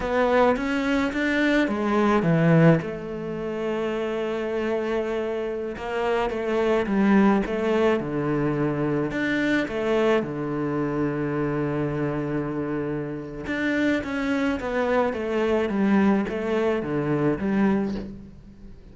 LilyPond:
\new Staff \with { instrumentName = "cello" } { \time 4/4 \tempo 4 = 107 b4 cis'4 d'4 gis4 | e4 a2.~ | a2~ a16 ais4 a8.~ | a16 g4 a4 d4.~ d16~ |
d16 d'4 a4 d4.~ d16~ | d1 | d'4 cis'4 b4 a4 | g4 a4 d4 g4 | }